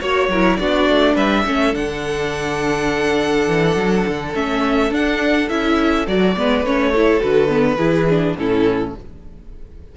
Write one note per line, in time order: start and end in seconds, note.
0.00 0.28 A#3
0.00 0.29 F#4
0.00 0.29 C#5
0.00 0.56 C#5
0.28 0.57 F#3
0.28 0.60 E4
0.28 0.59 A#4
0.56 0.89 B3
0.56 1.46 D4
0.56 1.14 F#4
0.56 1.14 D5
0.89 1.16 A3
1.14 1.44 G3
1.14 1.43 B4
1.14 1.74 E5
1.45 1.74 A3
1.45 1.73 C#4
1.45 6.36 A4
1.73 3.47 D3
1.73 4.32 D4
1.73 4.34 F#5
3.47 3.75 E3
3.75 4.04 F#3
4.07 4.34 D3
4.34 4.90 A3
4.34 4.91 C#4
4.34 4.93 E5
4.90 5.48 D4
4.90 5.49 D4
4.90 5.49 F#5
5.49 6.07 C#4
5.49 6.07 E4
5.49 6.06 E5
6.07 6.36 F#3
6.07 6.36 F#4
6.07 6.65 D5
6.36 6.62 G#3
6.36 6.65 B3
6.36 6.92 B4
6.62 7.20 A3
6.62 6.94 C#4
6.62 7.21 C#5
6.92 7.21 E4
6.92 7.77 A4
7.21 7.77 D3
7.21 7.48 F#4
7.21 8.37 B4
7.48 7.77 B3
7.77 8.35 E3
7.77 8.08 E4
7.77 8.35 G#4
8.09 8.37 D4
8.37 8.95 A2
8.37 8.95 C#4
8.37 8.96 E4
8.37 8.95 A4